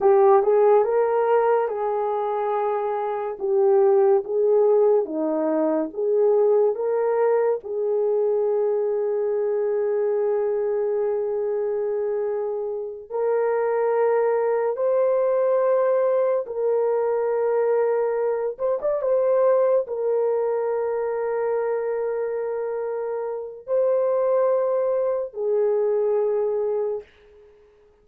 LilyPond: \new Staff \with { instrumentName = "horn" } { \time 4/4 \tempo 4 = 71 g'8 gis'8 ais'4 gis'2 | g'4 gis'4 dis'4 gis'4 | ais'4 gis'2.~ | gis'2.~ gis'8 ais'8~ |
ais'4. c''2 ais'8~ | ais'2 c''16 d''16 c''4 ais'8~ | ais'1 | c''2 gis'2 | }